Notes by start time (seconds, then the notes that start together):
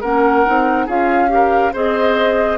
0.00 A#3 C#4 A#4 F#5
0.45 C4 D#4
0.86 C#4 F4 G#4 F5
1.28 G4 A#4
1.72 C4 G#4 C5 D#5